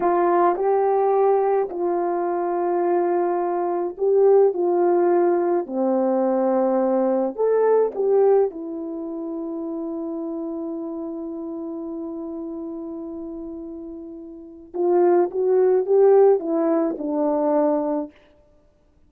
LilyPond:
\new Staff \with { instrumentName = "horn" } { \time 4/4 \tempo 4 = 106 f'4 g'2 f'4~ | f'2. g'4 | f'2 c'2~ | c'4 a'4 g'4 e'4~ |
e'1~ | e'1~ | e'2 f'4 fis'4 | g'4 e'4 d'2 | }